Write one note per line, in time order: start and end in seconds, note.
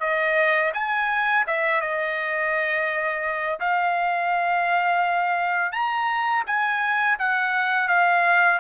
0.00 0.71 D#5
0.73 1.45 G#5
1.47 1.81 E5
1.81 3.59 D#5
3.60 5.72 F5
5.72 6.44 A#5
6.46 7.18 G#5
7.19 7.88 F#5
7.88 8.60 F5